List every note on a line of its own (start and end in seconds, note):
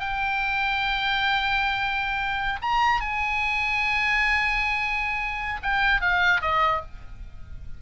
0.00 2.60 G5
2.62 3.01 A#5
3.01 5.61 G#5
5.63 6.01 G5
6.01 6.41 F5
6.41 6.81 D#5